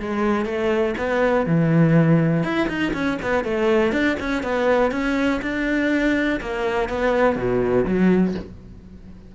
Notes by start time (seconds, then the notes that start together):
0.00 G#3
0.46 A3
0.98 B3
1.46 E3
2.44 E4
2.68 D#4
2.94 C#4
3.22 B3
3.44 A3
3.92 D4
4.20 C#4
4.43 B3
4.92 C#4
5.42 D4
6.41 A#3
6.89 B3
7.36 B2
7.86 F#3